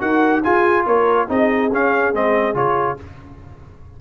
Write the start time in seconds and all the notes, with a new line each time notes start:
0.00 D#4 F#4 A#4 F#5
0.42 F4 G#4 G#5
0.86 A#3 A#4 C#5
1.27 C4 D#4 G#4 D#5
1.72 C#4 F5
2.13 G#3 C4 D#5
2.54 C#3 F4 C#5